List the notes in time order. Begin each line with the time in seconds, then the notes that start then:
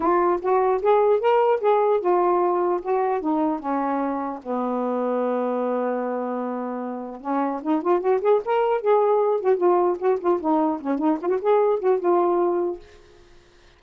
0.00 F4
0.41 F#4
0.81 G#4
1.20 A#4
1.60 G#4
2.00 F4
2.81 F#4
3.20 D#4
3.59 C#4
4.43 B3
7.21 C#4
7.62 D#4
7.81 F4
8.00 F#4
8.21 G#4
8.45 A#4
8.81 G#4
9.41 F#4
9.57 F4
9.99 F#4
10.19 F4
10.40 D#4
10.80 C#4
10.98 D#4
11.21 F4
11.28 F#4
11.41 G#4
11.79 F#4
11.99 F4